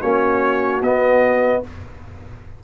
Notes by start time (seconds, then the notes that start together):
0.00 A#3 C#4 F#4 C#5
0.81 B3 D#5